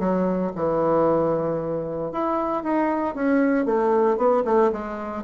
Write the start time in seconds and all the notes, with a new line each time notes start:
0.00 F#3
0.56 E3
2.12 E4
2.63 D#4
3.15 C#4
3.66 A3
4.17 B3
4.45 A3
4.73 G#3